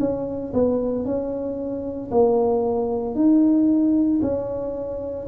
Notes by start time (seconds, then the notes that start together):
0.00 C#4
0.54 B3
1.05 C#4
2.11 A#3
3.15 D#4
4.22 C#4